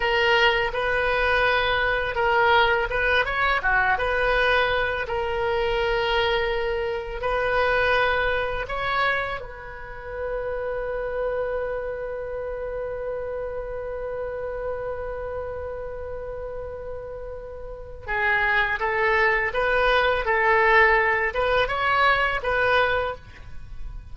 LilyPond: \new Staff \with { instrumentName = "oboe" } { \time 4/4 \tempo 4 = 83 ais'4 b'2 ais'4 | b'8 cis''8 fis'8 b'4. ais'4~ | ais'2 b'2 | cis''4 b'2.~ |
b'1~ | b'1~ | b'4 gis'4 a'4 b'4 | a'4. b'8 cis''4 b'4 | }